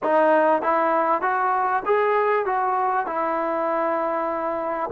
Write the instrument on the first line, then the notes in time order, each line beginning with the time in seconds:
trombone
0.03 D#4
0.62 E4
1.21 F#4
1.85 G#4
2.45 F#4
3.06 E4